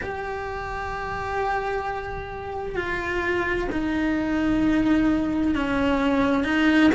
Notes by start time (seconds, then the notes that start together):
0.02 G4
2.75 F4
3.71 D#4
5.54 C#4
6.44 D#4